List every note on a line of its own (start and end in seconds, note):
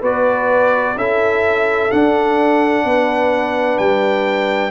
0.00 0.95 B3
0.00 0.96 F#4
0.00 0.94 B4
0.00 0.98 D5
0.96 1.90 C#4
0.96 1.90 E4
0.96 2.85 A4
0.96 1.91 E5
1.90 4.71 D4
1.90 2.84 D4
1.90 3.78 F#5
2.84 3.78 B3
2.84 4.71 B4
3.78 4.71 G3
3.78 4.71 G5